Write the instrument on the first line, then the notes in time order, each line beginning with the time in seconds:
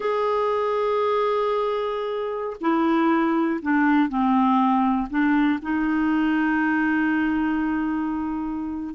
clarinet
0.00 G#4
2.61 E4
3.62 D4
4.09 C4
5.10 D4
5.62 D#4